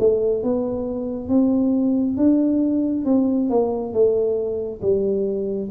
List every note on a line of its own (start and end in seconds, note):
0.00 0.44 A3
0.44 1.29 B3
1.29 2.17 C4
2.17 3.06 D4
3.06 3.50 C4
3.50 3.93 A#3
3.93 4.82 A3
4.82 5.70 G3